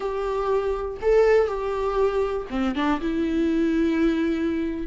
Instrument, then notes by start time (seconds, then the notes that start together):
viola
0.00 G4
1.01 A4
1.47 G4
2.50 C4
2.75 D4
3.00 E4